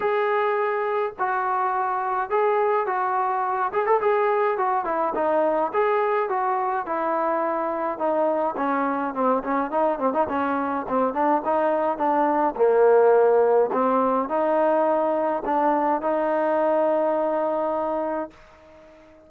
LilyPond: \new Staff \with { instrumentName = "trombone" } { \time 4/4 \tempo 4 = 105 gis'2 fis'2 | gis'4 fis'4. gis'16 a'16 gis'4 | fis'8 e'8 dis'4 gis'4 fis'4 | e'2 dis'4 cis'4 |
c'8 cis'8 dis'8 c'16 dis'16 cis'4 c'8 d'8 | dis'4 d'4 ais2 | c'4 dis'2 d'4 | dis'1 | }